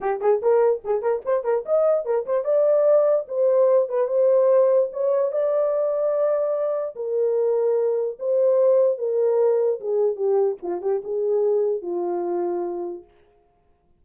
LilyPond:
\new Staff \with { instrumentName = "horn" } { \time 4/4 \tempo 4 = 147 g'8 gis'8 ais'4 gis'8 ais'8 c''8 ais'8 | dis''4 ais'8 c''8 d''2 | c''4. b'8 c''2 | cis''4 d''2.~ |
d''4 ais'2. | c''2 ais'2 | gis'4 g'4 f'8 g'8 gis'4~ | gis'4 f'2. | }